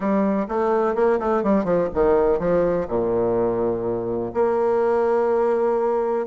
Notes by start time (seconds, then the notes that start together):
0.00 G3
0.48 A3
0.95 A#3
1.19 A3
1.43 G3
1.64 F3
1.94 D#3
2.39 F3
2.88 A#2
4.34 A#3